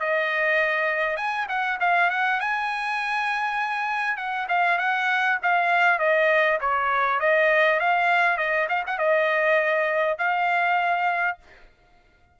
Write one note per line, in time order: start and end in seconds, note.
0.00 1.17 D#5
1.17 1.47 G#5
1.49 1.79 F#5
1.81 2.11 F5
2.11 2.41 F#5
2.41 4.17 G#5
4.17 4.47 F#5
4.49 4.78 F5
4.78 5.38 F#5
5.43 5.99 F5
5.99 6.59 D#5
6.61 7.20 C#5
7.20 7.80 D#5
7.80 8.38 F5
8.38 8.68 D#5
8.69 8.84 F5
8.87 8.99 F#5
8.99 10.19 D#5
10.19 11.39 F5